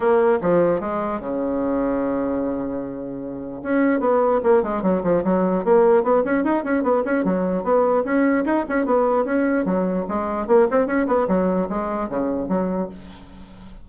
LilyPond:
\new Staff \with { instrumentName = "bassoon" } { \time 4/4 \tempo 4 = 149 ais4 f4 gis4 cis4~ | cis1~ | cis4 cis'4 b4 ais8 gis8 | fis8 f8 fis4 ais4 b8 cis'8 |
dis'8 cis'8 b8 cis'8 fis4 b4 | cis'4 dis'8 cis'8 b4 cis'4 | fis4 gis4 ais8 c'8 cis'8 b8 | fis4 gis4 cis4 fis4 | }